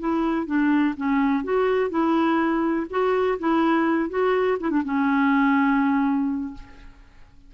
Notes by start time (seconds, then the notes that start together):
0.00 E4
0.47 D4
0.97 C#4
1.44 F#4
1.90 E4
2.90 F#4
3.39 E4
4.10 F#4
4.60 E4
4.70 D4
4.85 C#4